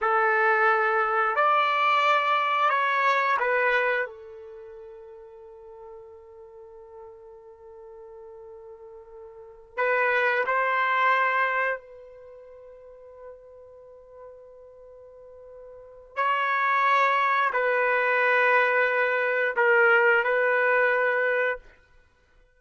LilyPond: \new Staff \with { instrumentName = "trumpet" } { \time 4/4 \tempo 4 = 89 a'2 d''2 | cis''4 b'4 a'2~ | a'1~ | a'2~ a'8 b'4 c''8~ |
c''4. b'2~ b'8~ | b'1 | cis''2 b'2~ | b'4 ais'4 b'2 | }